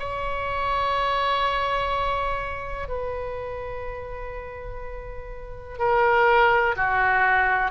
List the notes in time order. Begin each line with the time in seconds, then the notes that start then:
0.00 C#5
2.89 B4
5.79 A#4
6.77 F#4